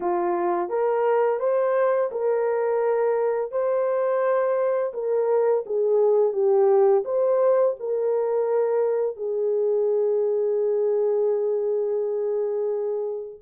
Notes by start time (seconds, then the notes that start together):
0.00 F4
0.69 A#4
1.39 C5
2.11 A#4
3.51 C5
4.93 A#4
5.65 G#4
6.32 G4
7.05 C5
7.79 A#4
9.16 G#4